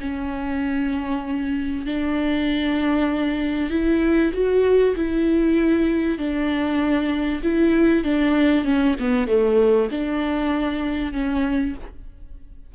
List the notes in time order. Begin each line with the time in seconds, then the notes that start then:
0.00 C#4
1.85 D4
3.70 E4
4.33 F#4
4.95 E4
6.18 D4
7.43 E4
8.03 D4
8.64 C#4
8.99 B3
9.27 A3
9.91 D4
11.13 C#4